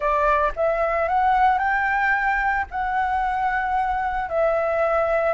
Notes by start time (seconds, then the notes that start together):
0.00 D5
0.56 E5
1.08 F#5
1.58 G5
2.70 F#5
4.29 E5